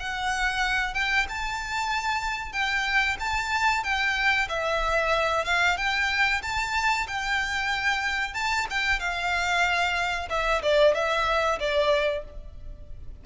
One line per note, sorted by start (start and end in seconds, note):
0.00 0.94 F#5
0.94 1.26 G5
1.29 2.52 A5
2.52 3.17 G5
3.20 3.84 A5
3.84 4.48 G5
4.49 5.45 E5
5.45 5.77 F5
5.77 6.42 G5
6.43 7.07 A5
7.08 8.34 G5
8.34 8.67 A5
8.70 9.00 G5
9.00 10.29 F5
10.30 10.62 E5
10.63 10.94 D5
10.94 11.59 E5
11.60 12.24 D5